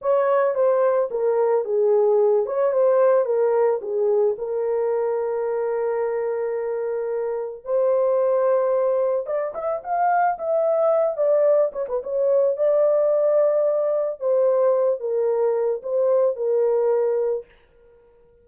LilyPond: \new Staff \with { instrumentName = "horn" } { \time 4/4 \tempo 4 = 110 cis''4 c''4 ais'4 gis'4~ | gis'8 cis''8 c''4 ais'4 gis'4 | ais'1~ | ais'2 c''2~ |
c''4 d''8 e''8 f''4 e''4~ | e''8 d''4 cis''16 b'16 cis''4 d''4~ | d''2 c''4. ais'8~ | ais'4 c''4 ais'2 | }